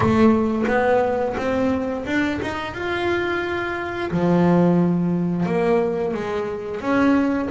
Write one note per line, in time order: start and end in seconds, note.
0.00 0.64 A3
0.67 1.35 B3
1.37 2.05 C4
2.05 2.40 D4
2.41 2.74 D#4
2.74 4.10 F4
4.10 5.45 F3
5.45 6.14 A#3
6.14 6.80 G#3
6.80 7.48 C#4